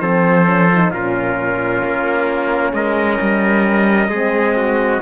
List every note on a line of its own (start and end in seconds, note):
0.00 0.91 F3
0.00 0.46 C4
0.00 0.91 A4
0.00 0.91 C5
0.46 0.69 C#4
0.74 0.95 D#4
0.91 1.82 A#2
0.91 4.12 C#4
0.91 2.73 F4
0.91 2.74 A#4
1.84 2.73 A#3
2.73 3.19 G#3
2.73 4.10 A#4
2.73 5.01 D#5
3.21 4.08 G3
4.08 4.99 G#3
4.08 5.02 C4
4.08 4.55 G#4
4.57 5.02 F#4